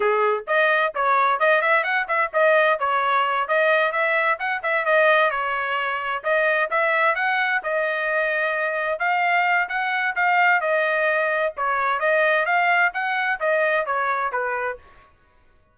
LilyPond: \new Staff \with { instrumentName = "trumpet" } { \time 4/4 \tempo 4 = 130 gis'4 dis''4 cis''4 dis''8 e''8 | fis''8 e''8 dis''4 cis''4. dis''8~ | dis''8 e''4 fis''8 e''8 dis''4 cis''8~ | cis''4. dis''4 e''4 fis''8~ |
fis''8 dis''2. f''8~ | f''4 fis''4 f''4 dis''4~ | dis''4 cis''4 dis''4 f''4 | fis''4 dis''4 cis''4 b'4 | }